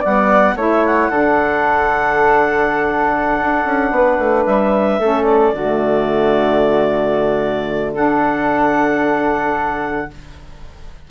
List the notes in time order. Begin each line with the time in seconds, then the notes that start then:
0.00 G3 B3 D5 F#5
0.55 A3 E4 C#5 E5
0.85 F#5
1.10 D3 D4 A4
3.41 D4
3.65 C#4
3.91 B3 B4
4.18 A3
4.46 G3 E5
4.99 A3 C#4 A4
5.24 D5
5.53 D3 A3 F#4
7.94 D4 A4 F#5